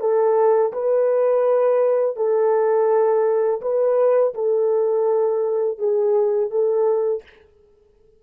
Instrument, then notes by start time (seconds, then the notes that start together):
horn
0.00 A4
0.73 B4
2.16 A4
3.61 B4
4.34 A4
5.78 G#4
6.51 A4